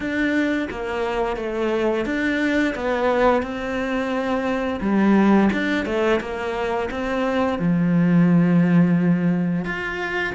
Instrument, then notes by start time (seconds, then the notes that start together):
cello
0.00 D4
0.70 A#3
1.36 A3
2.05 D4
2.75 B3
3.42 C4
4.80 G3
5.52 D4
5.85 A3
6.20 A#3
6.91 C4
7.58 F3
9.64 F4